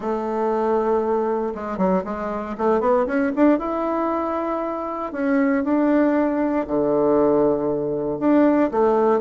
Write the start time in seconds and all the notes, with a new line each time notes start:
0.00 A3
1.54 G#3
1.77 F#3
2.04 G#3
2.57 A3
2.80 B3
3.06 C#4
3.35 D4
3.59 E4
5.12 C#4
5.63 D4
6.67 D3
8.19 D4
8.71 A3